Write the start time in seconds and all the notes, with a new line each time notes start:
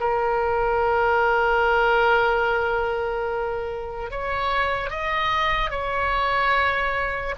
0.00 A#4
4.11 C#5
4.90 D#5
5.70 C#5